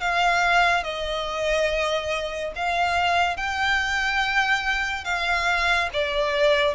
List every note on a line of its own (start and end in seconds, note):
0.00 0.83 F5
0.83 2.52 D#5
2.55 3.36 F5
3.36 5.04 G5
5.04 5.89 F5
5.93 6.74 D5